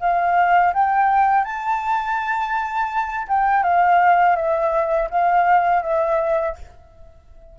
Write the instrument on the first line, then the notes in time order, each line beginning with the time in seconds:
flute
0.00 F5
0.74 G5
1.44 A5
3.28 G5
3.63 F5
4.36 E5
5.10 F5
5.82 E5